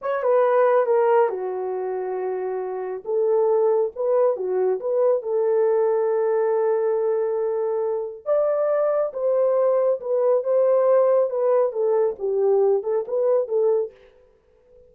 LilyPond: \new Staff \with { instrumentName = "horn" } { \time 4/4 \tempo 4 = 138 cis''8 b'4. ais'4 fis'4~ | fis'2. a'4~ | a'4 b'4 fis'4 b'4 | a'1~ |
a'2. d''4~ | d''4 c''2 b'4 | c''2 b'4 a'4 | g'4. a'8 b'4 a'4 | }